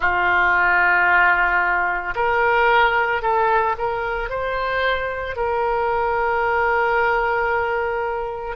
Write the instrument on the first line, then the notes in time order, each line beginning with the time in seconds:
oboe
0.00 F4
2.15 A#4
3.21 A4
3.77 A#4
4.29 C5
5.36 A#4